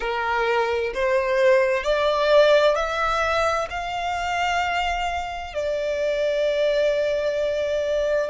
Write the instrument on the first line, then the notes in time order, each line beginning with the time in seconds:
violin
0.00 A#4
0.94 C5
1.83 D5
2.75 E5
3.69 F5
5.53 D5